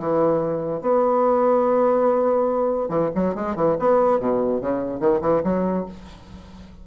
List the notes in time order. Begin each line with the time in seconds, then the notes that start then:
0.00 E3
0.82 B3
2.89 E3
3.15 F#3
3.35 G#3
3.56 E3
3.80 B3
4.20 B2
4.61 C#3
5.00 D#3
5.22 E3
5.44 F#3